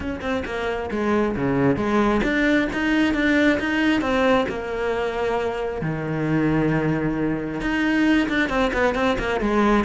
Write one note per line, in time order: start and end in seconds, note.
0.00 0.20 C#4
0.21 0.43 C4
0.45 0.90 A#3
0.90 1.35 G#3
1.36 1.76 C#3
1.76 2.21 G#3
2.23 2.67 D4
2.72 3.14 D#4
3.14 3.58 D4
3.59 4.01 D#4
4.01 4.46 C4
4.48 5.81 A#3
5.81 7.60 D#3
7.60 8.28 D#4
8.28 8.49 D4
8.49 8.71 C4
8.73 8.94 B3
8.94 9.17 C4
9.18 9.40 A#3
9.40 9.84 G#3